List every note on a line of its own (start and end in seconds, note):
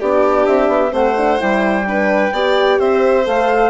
0.00 0.48 B3
0.00 0.90 D4
0.00 0.93 G4
0.00 0.46 D5
0.46 0.68 C4
0.46 0.93 E5
0.68 0.91 B3
0.90 1.40 A3
0.90 1.13 C4
0.90 1.86 C5
0.90 1.41 F#5
1.17 1.38 D4
1.38 2.32 G3
1.38 1.85 E4
1.38 2.79 G5
1.87 2.33 D4
1.87 2.33 B4
2.32 2.79 B3
2.32 3.25 G4
2.32 2.79 D5
2.79 3.26 C4
2.79 3.69 C5
2.79 3.26 E5
3.25 3.69 A3
3.25 3.69 A4
3.25 3.69 F5